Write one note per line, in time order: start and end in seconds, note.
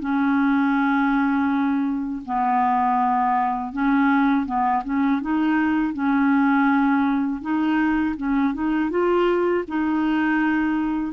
0.00 2.22 C#4
2.26 3.72 B3
3.72 4.46 C#4
4.46 4.83 B3
4.85 5.21 C#4
5.21 5.94 D#4
5.94 7.41 C#4
7.41 8.15 D#4
8.17 8.54 C#4
8.54 8.90 D#4
8.90 9.64 F4
9.68 11.13 D#4